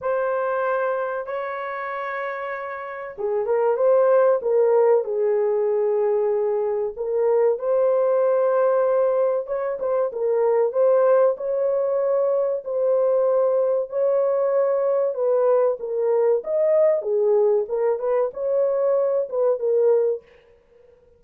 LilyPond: \new Staff \with { instrumentName = "horn" } { \time 4/4 \tempo 4 = 95 c''2 cis''2~ | cis''4 gis'8 ais'8 c''4 ais'4 | gis'2. ais'4 | c''2. cis''8 c''8 |
ais'4 c''4 cis''2 | c''2 cis''2 | b'4 ais'4 dis''4 gis'4 | ais'8 b'8 cis''4. b'8 ais'4 | }